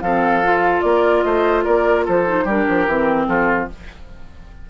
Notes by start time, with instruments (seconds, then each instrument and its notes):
0.00 bassoon F3, clarinet C4, oboe A4, flute F5
0.43 clarinet F4
0.81 bassoon A#3, oboe A#4, flute D5
1.22 bassoon A3, oboe C5, flute D#5
1.64 bassoon A#3, oboe A#4, flute D5
2.05 bassoon F3, oboe A4, flute C5
2.26 clarinet D#4
2.44 bassoon G3, clarinet D4, oboe G4, flute A#4
2.68 bassoon F3
2.86 bassoon E3, clarinet C4
3.27 bassoon F3, oboe F4, flute A4